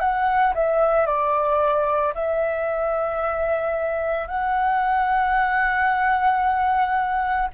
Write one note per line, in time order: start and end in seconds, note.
0.00 0.54 F#5
0.55 1.07 E5
1.07 2.14 D5
2.15 4.28 E5
4.28 7.49 F#5